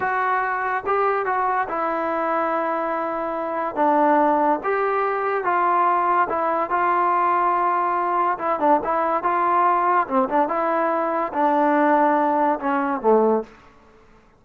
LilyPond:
\new Staff \with { instrumentName = "trombone" } { \time 4/4 \tempo 4 = 143 fis'2 g'4 fis'4 | e'1~ | e'4 d'2 g'4~ | g'4 f'2 e'4 |
f'1 | e'8 d'8 e'4 f'2 | c'8 d'8 e'2 d'4~ | d'2 cis'4 a4 | }